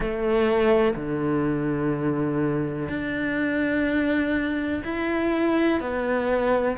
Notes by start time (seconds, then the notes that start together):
0.00 A3
0.95 D3
2.88 D4
4.83 E4
5.80 B3